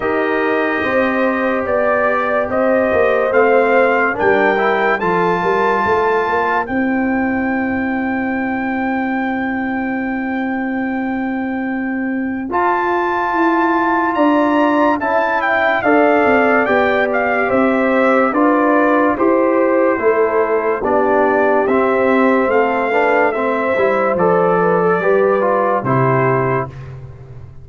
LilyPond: <<
  \new Staff \with { instrumentName = "trumpet" } { \time 4/4 \tempo 4 = 72 dis''2 d''4 dis''4 | f''4 g''4 a''2 | g''1~ | g''2. a''4~ |
a''4 ais''4 a''8 g''8 f''4 | g''8 f''8 e''4 d''4 c''4~ | c''4 d''4 e''4 f''4 | e''4 d''2 c''4 | }
  \new Staff \with { instrumentName = "horn" } { \time 4/4 ais'4 c''4 d''4 c''4~ | c''4 ais'4 a'8 ais'8 c''4~ | c''1~ | c''1~ |
c''4 d''4 e''4 d''4~ | d''4 c''4 b'4 c''4 | a'4 g'2 a'8 b'8 | c''4. b'16 a'16 b'4 g'4 | }
  \new Staff \with { instrumentName = "trombone" } { \time 4/4 g'1 | c'4 d'8 e'8 f'2 | e'1~ | e'2. f'4~ |
f'2 e'4 a'4 | g'2 f'4 g'4 | e'4 d'4 c'4. d'8 | c'8 e'8 a'4 g'8 f'8 e'4 | }
  \new Staff \with { instrumentName = "tuba" } { \time 4/4 dis'4 c'4 b4 c'8 ais8 | a4 g4 f8 g8 a8 ais8 | c'1~ | c'2. f'4 |
e'4 d'4 cis'4 d'8 c'8 | b4 c'4 d'4 e'4 | a4 b4 c'4 a4~ | a8 g8 f4 g4 c4 | }
>>